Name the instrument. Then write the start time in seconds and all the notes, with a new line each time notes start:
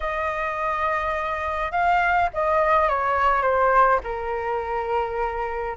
flute
0.00 D#5
1.72 F5
2.33 D#5
2.88 C#5
3.42 C5
4.03 A#4